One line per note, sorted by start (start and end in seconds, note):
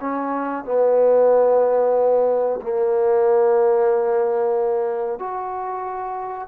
0.00 0.65 C#4
0.65 2.60 B3
2.62 5.19 A#3
5.19 6.48 F#4